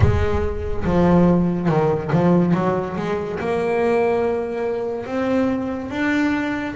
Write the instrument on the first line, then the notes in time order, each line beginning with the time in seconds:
double bass
0.00 G#3
0.84 F3
1.69 D#3
2.12 F3
2.54 F#3
2.97 G#3
3.39 A#3
5.06 C4
5.90 D4